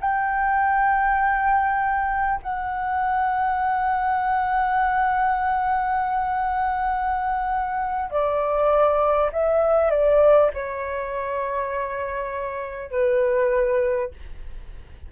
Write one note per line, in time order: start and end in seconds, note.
0.00 2.40 G5
2.42 8.11 F#5
8.11 9.31 D5
9.32 9.90 E5
9.90 10.50 D5
10.54 12.91 C#5
12.91 14.11 B4